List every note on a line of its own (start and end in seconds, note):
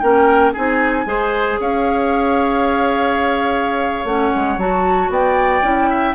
0.00 0.55 A#3
0.00 0.55 C#4
0.00 0.53 A#4
0.00 0.52 G5
0.53 1.06 C4
0.53 1.06 D#4
0.53 1.05 G#4
0.53 1.60 G#5
1.06 1.58 G#3
1.06 4.06 G#4
1.06 1.61 C5
1.60 4.05 C#4
1.60 5.12 C#5
1.60 4.07 F5
4.05 4.31 A3
4.05 4.60 C#4
4.05 4.59 F#5
4.36 4.58 G#3
4.58 5.10 F#3
4.58 5.63 F#4
4.58 5.11 A5
5.10 5.62 B3
5.10 5.90 D5
5.10 6.16 G5
5.63 6.15 C#4
5.63 6.15 E4
5.90 6.16 E5